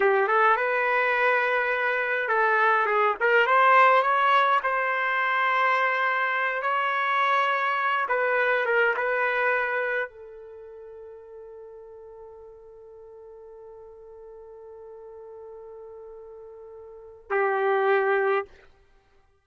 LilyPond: \new Staff \with { instrumentName = "trumpet" } { \time 4/4 \tempo 4 = 104 g'8 a'8 b'2. | a'4 gis'8 ais'8 c''4 cis''4 | c''2.~ c''8 cis''8~ | cis''2 b'4 ais'8 b'8~ |
b'4. a'2~ a'8~ | a'1~ | a'1~ | a'2 g'2 | }